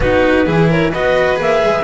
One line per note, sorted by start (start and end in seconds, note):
0.00 0.47 B3
0.00 0.46 D#4
0.00 0.46 F#4
0.00 0.70 B4
0.46 0.93 E3
0.46 0.93 E4
0.46 0.69 G#4
0.69 0.90 A#4
0.69 0.93 C#5
0.90 1.39 B3
0.90 1.36 F#4
0.90 1.83 B4
0.90 1.39 D#5
1.36 1.62 A#3
1.36 1.82 G#4
1.36 1.83 E5
1.63 1.83 G#3